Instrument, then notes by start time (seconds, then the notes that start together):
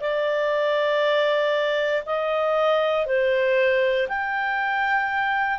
clarinet
0.00 D5
2.05 D#5
3.06 C5
4.08 G5